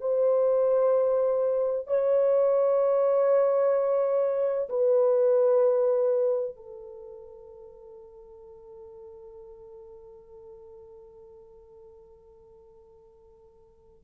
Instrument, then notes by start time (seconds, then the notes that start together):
horn
0.00 C5
1.87 C#5
4.69 B4
6.56 A4